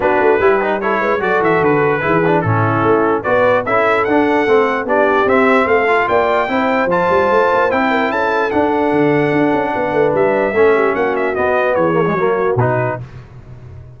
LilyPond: <<
  \new Staff \with { instrumentName = "trumpet" } { \time 4/4 \tempo 4 = 148 b'2 cis''4 d''8 e''8 | b'2 a'2 | d''4 e''4 fis''2 | d''4 e''4 f''4 g''4~ |
g''4 a''2 g''4 | a''4 fis''2.~ | fis''4 e''2 fis''8 e''8 | dis''4 cis''2 b'4 | }
  \new Staff \with { instrumentName = "horn" } { \time 4/4 fis'4 g'4 a'8 b'8 a'4~ | a'4 gis'4 e'2 | b'4 a'2. | g'2 a'4 d''4 |
c''2.~ c''8 ais'8 | a'1 | b'2 a'8 g'8 fis'4~ | fis'4 gis'4 fis'2 | }
  \new Staff \with { instrumentName = "trombone" } { \time 4/4 d'4 e'8 dis'8 e'4 fis'4~ | fis'4 e'8 d'8 cis'2 | fis'4 e'4 d'4 c'4 | d'4 c'4. f'4. |
e'4 f'2 e'4~ | e'4 d'2.~ | d'2 cis'2 | b4. ais16 gis16 ais4 dis'4 | }
  \new Staff \with { instrumentName = "tuba" } { \time 4/4 b8 a8 g4. gis8 fis8 e8 | d4 e4 a,4 a4 | b4 cis'4 d'4 a4 | b4 c'4 a4 ais4 |
c'4 f8 g8 a8 ais8 c'4 | cis'4 d'4 d4 d'8 cis'8 | b8 a8 g4 a4 ais4 | b4 e4 fis4 b,4 | }
>>